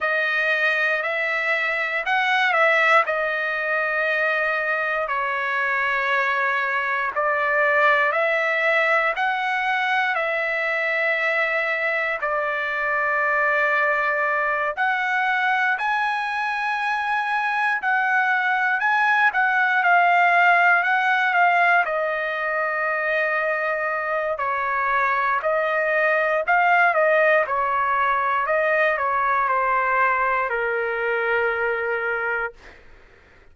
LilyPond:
\new Staff \with { instrumentName = "trumpet" } { \time 4/4 \tempo 4 = 59 dis''4 e''4 fis''8 e''8 dis''4~ | dis''4 cis''2 d''4 | e''4 fis''4 e''2 | d''2~ d''8 fis''4 gis''8~ |
gis''4. fis''4 gis''8 fis''8 f''8~ | f''8 fis''8 f''8 dis''2~ dis''8 | cis''4 dis''4 f''8 dis''8 cis''4 | dis''8 cis''8 c''4 ais'2 | }